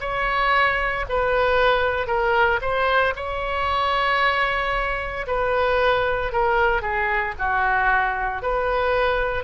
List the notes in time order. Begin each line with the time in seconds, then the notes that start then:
0.00 C#5
1.09 B4
2.07 A#4
2.61 C5
3.16 C#5
5.27 B4
6.32 A#4
6.81 G#4
7.38 F#4
8.42 B4